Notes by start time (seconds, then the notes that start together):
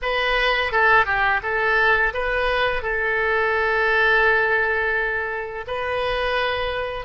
0.02 B4
0.72 A4
1.05 G4
1.42 A4
2.13 B4
2.82 A4
5.67 B4